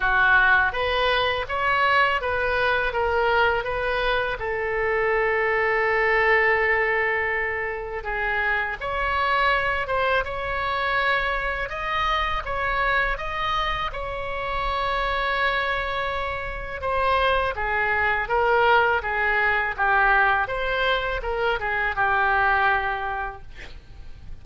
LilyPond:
\new Staff \with { instrumentName = "oboe" } { \time 4/4 \tempo 4 = 82 fis'4 b'4 cis''4 b'4 | ais'4 b'4 a'2~ | a'2. gis'4 | cis''4. c''8 cis''2 |
dis''4 cis''4 dis''4 cis''4~ | cis''2. c''4 | gis'4 ais'4 gis'4 g'4 | c''4 ais'8 gis'8 g'2 | }